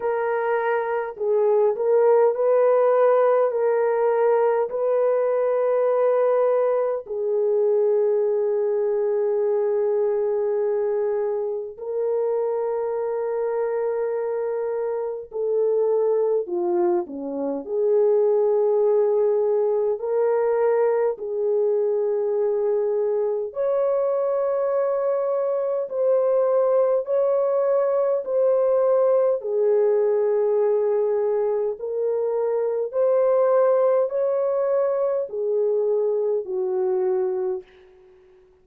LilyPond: \new Staff \with { instrumentName = "horn" } { \time 4/4 \tempo 4 = 51 ais'4 gis'8 ais'8 b'4 ais'4 | b'2 gis'2~ | gis'2 ais'2~ | ais'4 a'4 f'8 cis'8 gis'4~ |
gis'4 ais'4 gis'2 | cis''2 c''4 cis''4 | c''4 gis'2 ais'4 | c''4 cis''4 gis'4 fis'4 | }